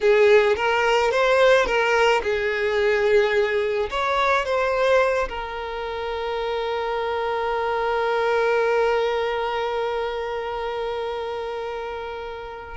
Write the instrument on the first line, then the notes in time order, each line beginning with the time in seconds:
violin
0.00 G#4
0.56 A#4
1.11 C5
1.65 A#4
2.22 G#4
3.90 C#5
4.45 C5
5.29 A#4